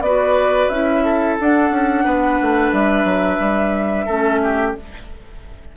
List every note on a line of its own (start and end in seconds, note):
0.00 0.67 B3
0.00 0.72 F#4
0.00 1.04 B4
0.00 0.69 D5
0.69 1.37 C#4
0.69 1.39 E4
0.69 1.36 E5
1.04 2.04 A4
1.40 1.70 D4
1.40 4.09 D4
1.40 2.72 F#5
1.70 2.04 C#4
2.04 2.39 B3
2.04 4.05 B4
2.41 2.72 A3
2.72 3.04 G3
2.72 4.75 E5
3.04 3.38 F#3
3.39 4.07 G3
4.05 4.75 A3
4.05 4.76 C#4
4.05 4.39 A4
4.43 4.76 G4